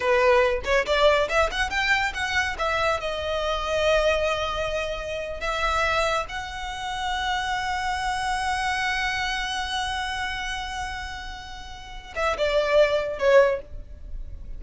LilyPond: \new Staff \with { instrumentName = "violin" } { \time 4/4 \tempo 4 = 141 b'4. cis''8 d''4 e''8 fis''8 | g''4 fis''4 e''4 dis''4~ | dis''1~ | dis''8. e''2 fis''4~ fis''16~ |
fis''1~ | fis''1~ | fis''1~ | fis''8 e''8 d''2 cis''4 | }